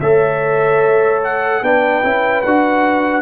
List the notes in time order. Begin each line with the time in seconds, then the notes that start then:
0.00 A3 A4 C#5 E5
1.24 F#5
1.61 B3 D4 B4 G5
2.03 C#4 E4
2.42 D4 F#4 F#5